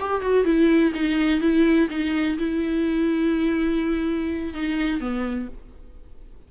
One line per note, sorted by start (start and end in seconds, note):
0.00 0.22 G4
0.22 0.45 F#4
0.45 0.93 E4
0.95 1.41 D#4
1.41 1.89 E4
1.90 2.38 D#4
2.39 4.54 E4
4.54 5.01 D#4
5.01 5.49 B3